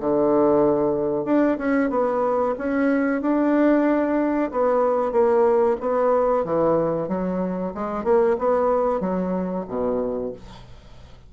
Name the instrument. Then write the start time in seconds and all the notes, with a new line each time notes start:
bassoon
0.00 D3
1.25 D4
1.58 C#4
1.90 B3
2.58 C#4
3.21 D4
4.51 B3
5.12 A#3
5.80 B3
6.44 E3
7.08 F#3
7.74 G#3
8.04 A#3
8.38 B3
9.00 F#3
9.68 B2